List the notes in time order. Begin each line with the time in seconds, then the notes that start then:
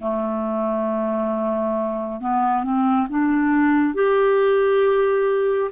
0.00 A3
2.21 B3
2.64 C4
3.09 D4
3.94 G4